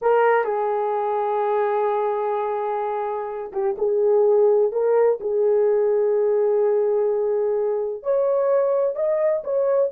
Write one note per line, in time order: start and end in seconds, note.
0.01 0.44 A#4
0.44 3.51 G#4
3.52 3.76 G4
3.78 4.72 G#4
4.72 5.19 A#4
5.20 8.03 G#4
8.03 8.95 C#5
8.95 9.43 D#5
9.43 9.91 C#5